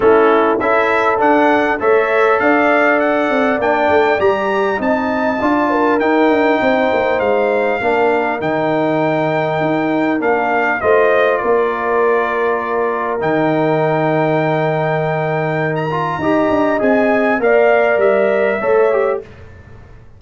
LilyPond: <<
  \new Staff \with { instrumentName = "trumpet" } { \time 4/4 \tempo 4 = 100 a'4 e''4 fis''4 e''4 | f''4 fis''4 g''4 ais''4 | a''2 g''2 | f''2 g''2~ |
g''4 f''4 dis''4 d''4~ | d''2 g''2~ | g''2~ g''16 ais''4.~ ais''16 | gis''4 f''4 e''2 | }
  \new Staff \with { instrumentName = "horn" } { \time 4/4 e'4 a'2 cis''4 | d''1 | dis''4 d''8 ais'4. c''4~ | c''4 ais'2.~ |
ais'2 c''4 ais'4~ | ais'1~ | ais'2. dis''4~ | dis''4 d''2 cis''4 | }
  \new Staff \with { instrumentName = "trombone" } { \time 4/4 cis'4 e'4 d'4 a'4~ | a'2 d'4 g'4 | dis'4 f'4 dis'2~ | dis'4 d'4 dis'2~ |
dis'4 d'4 f'2~ | f'2 dis'2~ | dis'2~ dis'8 f'8 g'4 | gis'4 ais'2 a'8 g'8 | }
  \new Staff \with { instrumentName = "tuba" } { \time 4/4 a4 cis'4 d'4 a4 | d'4. c'8 ais8 a8 g4 | c'4 d'4 dis'8 d'8 c'8 ais8 | gis4 ais4 dis2 |
dis'4 ais4 a4 ais4~ | ais2 dis2~ | dis2. dis'8 d'8 | c'4 ais4 g4 a4 | }
>>